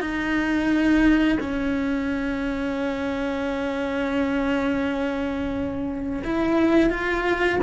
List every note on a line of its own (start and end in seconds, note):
0.00 1.38 D#4
1.39 6.22 C#4
6.24 6.90 E4
6.90 7.59 F4